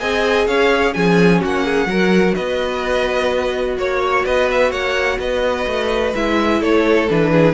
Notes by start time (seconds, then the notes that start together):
0.00 C4 G#4 D#5 G#5
0.47 C#4 C#5 F5
0.94 F3 C#4 G#4 G#5
1.41 A#3 F#4 F#5
1.65 G#4
1.86 F#3 F#4 A#4
2.35 B3 B4 D#5
3.78 A#3 C#5
4.25 B3 B4 D#5
4.51 E5
4.71 A#3 C#5 F#5
5.19 B3 B4 D#5
5.67 A3
6.15 G#3 E4 E5
6.61 A3 A4 C#5
7.09 E3 D4 B4
7.32 G#4